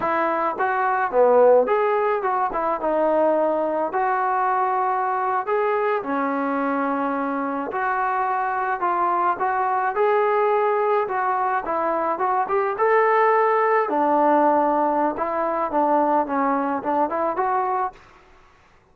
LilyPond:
\new Staff \with { instrumentName = "trombone" } { \time 4/4 \tempo 4 = 107 e'4 fis'4 b4 gis'4 | fis'8 e'8 dis'2 fis'4~ | fis'4.~ fis'16 gis'4 cis'4~ cis'16~ | cis'4.~ cis'16 fis'2 f'16~ |
f'8. fis'4 gis'2 fis'16~ | fis'8. e'4 fis'8 g'8 a'4~ a'16~ | a'8. d'2~ d'16 e'4 | d'4 cis'4 d'8 e'8 fis'4 | }